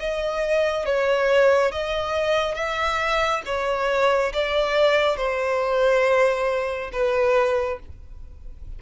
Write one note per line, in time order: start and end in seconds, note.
0.00 0.86 D#5
0.86 1.72 C#5
1.72 2.55 D#5
2.55 3.42 E5
3.46 4.33 C#5
4.34 5.17 D5
5.17 6.91 C5
6.93 7.80 B4